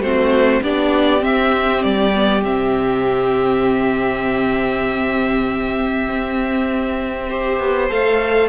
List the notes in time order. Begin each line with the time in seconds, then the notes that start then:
0.00 A3 C4 F#4 C5
0.62 B3 D4 G4 D5
1.20 C4 E5
1.83 G3 D5
2.14 B3
2.44 C3 C4 E5
6.08 C4
7.28 G4 C5
7.60 B3
7.90 A3 A4 F5